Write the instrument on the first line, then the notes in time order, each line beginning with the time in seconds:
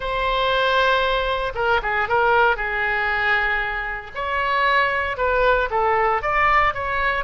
oboe
0.00 C5
1.54 A#4
1.82 G#4
2.08 A#4
2.56 G#4
4.14 C#5
5.17 B4
5.70 A4
6.22 D5
6.74 C#5